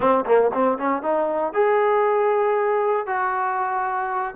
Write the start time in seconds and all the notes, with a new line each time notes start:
0.00 C4
0.25 A#3
0.53 C4
0.77 C#4
1.02 D#4
1.53 G#4
3.06 F#4